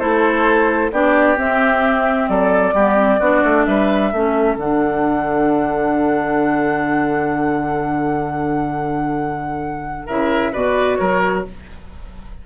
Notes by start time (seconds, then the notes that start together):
0.00 A3 E4 A4 C5
0.92 B3 D4 G4 D5
1.37 C4 E5
2.29 F#3 A4 D5
2.73 G3 B3 G4
2.97 C4
3.20 B3 D4 F#4
3.44 A3
3.65 G3 B4 E5
4.13 A3 C#4 A4
4.57 D3 D4 F#5
10.07 C#3 E4 A#4 E5
10.52 B2 F#4 B4 D5
10.97 F#3 A#4 C#5